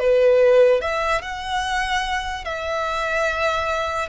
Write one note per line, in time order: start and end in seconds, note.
0.00 0.81 B4
0.81 1.22 E5
1.22 2.45 F#5
2.45 4.09 E5